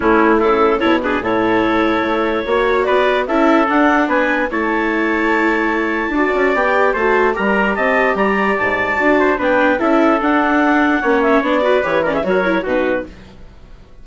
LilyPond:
<<
  \new Staff \with { instrumentName = "clarinet" } { \time 4/4 \tempo 4 = 147 e'4 a'4 cis''8 b'8 cis''4~ | cis''2. d''4 | e''4 fis''4 gis''4 a''4~ | a''1 |
g''4 a''4 ais''4 a''4 | ais''4 a''2 g''4 | e''4 fis''2~ fis''8 e''8 | d''4 cis''8 d''16 e''16 cis''4 b'4 | }
  \new Staff \with { instrumentName = "trumpet" } { \time 4/4 cis'4 e'4 a'8 gis'8 a'4~ | a'2 cis''4 b'4 | a'2 b'4 cis''4~ | cis''2. d''4~ |
d''4 c''4 ais'4 dis''4 | d''2~ d''8 c''8 b'4 | a'2. cis''4~ | cis''8 b'4 ais'16 gis'16 ais'4 fis'4 | }
  \new Staff \with { instrumentName = "viola" } { \time 4/4 a2 e'8 d'8 e'4~ | e'2 fis'2 | e'4 d'2 e'4~ | e'2. fis'4 |
g'4 fis'4 g'2~ | g'2 fis'4 d'4 | e'4 d'2 cis'4 | d'8 fis'8 g'8 cis'8 fis'8 e'8 dis'4 | }
  \new Staff \with { instrumentName = "bassoon" } { \time 4/4 a4 cis4 b,4 a,4~ | a,4 a4 ais4 b4 | cis'4 d'4 b4 a4~ | a2. d'8 cis'8 |
b4 a4 g4 c'4 | g4 gis,4 d'4 b4 | cis'4 d'2 ais4 | b4 e4 fis4 b,4 | }
>>